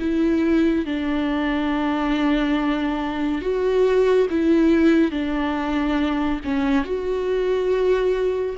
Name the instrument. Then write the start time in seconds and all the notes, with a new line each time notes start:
viola
0.00 E4
0.86 D4
3.42 F#4
4.31 E4
5.12 D4
6.45 C#4
6.85 F#4